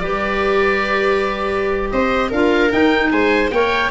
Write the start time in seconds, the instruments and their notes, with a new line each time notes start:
0.00 tuba G3, clarinet G4, viola B4, oboe D5
1.91 tuba C4, viola C5, oboe D#5
2.29 tuba D4, clarinet F4, viola A#4, oboe F5
2.70 clarinet D#4, tuba D#4, oboe G5
3.11 tuba G#3, viola C5, oboe G#5
3.51 tuba A#3, clarinet A#4, viola C#5, oboe G5